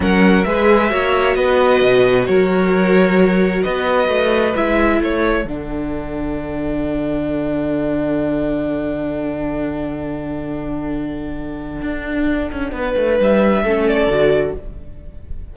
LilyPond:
<<
  \new Staff \with { instrumentName = "violin" } { \time 4/4 \tempo 4 = 132 fis''4 e''2 dis''4~ | dis''4 cis''2. | dis''2 e''4 cis''4 | fis''1~ |
fis''1~ | fis''1~ | fis''1~ | fis''4 e''4. d''4. | }
  \new Staff \with { instrumentName = "violin" } { \time 4/4 ais'4 b'4 cis''4 b'4~ | b'4 ais'2. | b'2. a'4~ | a'1~ |
a'1~ | a'1~ | a'1 | b'2 a'2 | }
  \new Staff \with { instrumentName = "viola" } { \time 4/4 cis'4 gis'4 fis'2~ | fis'1~ | fis'2 e'2 | d'1~ |
d'1~ | d'1~ | d'1~ | d'2 cis'4 fis'4 | }
  \new Staff \with { instrumentName = "cello" } { \time 4/4 fis4 gis4 ais4 b4 | b,4 fis2. | b4 a4 gis4 a4 | d1~ |
d1~ | d1~ | d2 d'4. cis'8 | b8 a8 g4 a4 d4 | }
>>